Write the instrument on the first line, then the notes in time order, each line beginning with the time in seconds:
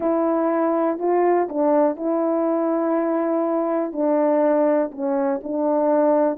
horn
0.00 E4
0.98 F4
1.48 D4
1.96 E4
3.92 D4
4.91 C#4
5.43 D4